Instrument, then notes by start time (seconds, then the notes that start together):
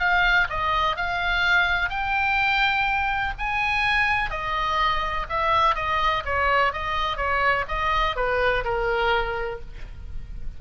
oboe
0.00 F5
0.50 D#5
0.97 F5
1.90 G5
3.39 G#5
4.31 D#5
5.30 E5
5.76 D#5
6.26 C#5
6.73 D#5
7.17 C#5
7.68 D#5
8.16 B4
8.65 A#4